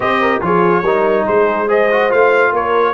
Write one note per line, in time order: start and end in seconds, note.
0.00 0.39 C4
0.00 0.41 G4
0.00 0.21 C5
0.00 0.42 D#5
0.21 0.42 A#4
0.41 0.82 F3
0.41 0.83 F4
0.41 0.83 G#4
0.41 1.26 C#5
0.82 1.25 G3
0.82 1.68 D#4
0.82 1.25 A#4
1.25 2.12 G#3
1.25 1.67 G#4
1.25 1.69 C5
1.67 1.89 G#4
1.67 2.51 C5
1.67 2.11 D#5
1.91 2.09 F#4
2.09 2.52 A3
2.09 2.94 F4
2.09 2.53 F5
2.52 2.94 A#3
2.52 2.94 A#4
2.52 2.94 C#5